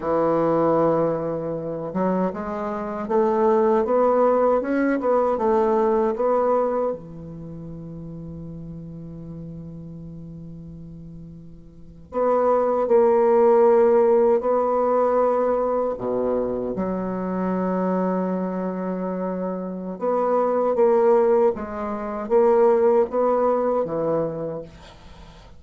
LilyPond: \new Staff \with { instrumentName = "bassoon" } { \time 4/4 \tempo 4 = 78 e2~ e8 fis8 gis4 | a4 b4 cis'8 b8 a4 | b4 e2.~ | e2.~ e8. b16~ |
b8. ais2 b4~ b16~ | b8. b,4 fis2~ fis16~ | fis2 b4 ais4 | gis4 ais4 b4 e4 | }